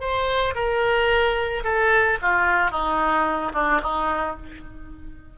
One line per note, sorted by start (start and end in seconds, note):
0.00 0.54 C5
0.55 1.63 A#4
1.64 2.18 A4
2.21 2.71 F4
2.71 3.52 D#4
3.54 3.81 D4
3.82 4.36 D#4